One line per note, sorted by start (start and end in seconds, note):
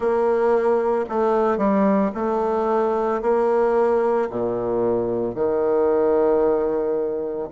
0.00 1.05 A#3
1.09 1.57 A3
1.57 2.11 G3
2.14 3.21 A3
3.21 4.29 A#3
4.29 5.34 A#2
5.34 7.49 D#3